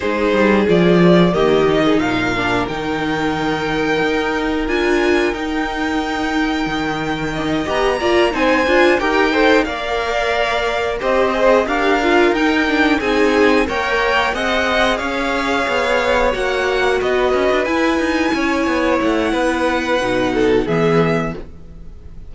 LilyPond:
<<
  \new Staff \with { instrumentName = "violin" } { \time 4/4 \tempo 4 = 90 c''4 d''4 dis''4 f''4 | g''2. gis''4 | g''2.~ g''8 ais''8~ | ais''8 gis''4 g''4 f''4.~ |
f''8 dis''4 f''4 g''4 gis''8~ | gis''8 g''4 fis''4 f''4.~ | f''8 fis''4 dis''4 gis''4.~ | gis''8 fis''2~ fis''8 e''4 | }
  \new Staff \with { instrumentName = "violin" } { \time 4/4 gis'2 g'8. gis'16 ais'4~ | ais'1~ | ais'2. dis''4 | d''8 c''4 ais'8 c''8 d''4.~ |
d''8 c''4 ais'2 gis'8~ | gis'8 cis''4 dis''4 cis''4.~ | cis''4. b'2 cis''8~ | cis''4 b'4. a'8 gis'4 | }
  \new Staff \with { instrumentName = "viola" } { \time 4/4 dis'4 f'4 ais8 dis'4 d'8 | dis'2. f'4 | dis'2. d'16 dis'16 g'8 | f'8 dis'8 f'8 g'8 a'8 ais'4.~ |
ais'8 g'8 gis'8 g'8 f'8 dis'8 d'8 dis'8~ | dis'8 ais'4 gis'2~ gis'8~ | gis'8 fis'2 e'4.~ | e'2 dis'4 b4 | }
  \new Staff \with { instrumentName = "cello" } { \time 4/4 gis8 g8 f4 dis4 ais,4 | dis2 dis'4 d'4 | dis'2 dis4. b8 | ais8 c'8 d'8 dis'4 ais4.~ |
ais8 c'4 d'4 dis'4 c'8~ | c'8 ais4 c'4 cis'4 b8~ | b8 ais4 b8 cis'16 d'16 e'8 dis'8 cis'8 | b8 a8 b4 b,4 e4 | }
>>